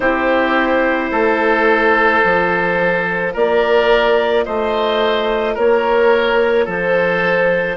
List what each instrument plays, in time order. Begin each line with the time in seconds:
0.00 bassoon C4, saxophone E4, oboe G4, clarinet C5
1.11 bassoon A3, oboe A4
2.22 bassoon F3, saxophone F4
3.33 bassoon A#3, oboe A#4, clarinet D5
4.45 bassoon A3, oboe C5, clarinet D#5
5.54 bassoon A#3, oboe A#4, clarinet C#5
6.64 bassoon F3, oboe A4, clarinet C5